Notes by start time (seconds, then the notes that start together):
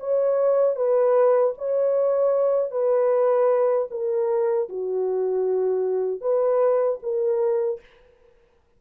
0.00 C#5
0.76 B4
1.58 C#5
2.71 B4
3.91 A#4
4.70 F#4
6.21 B4
7.03 A#4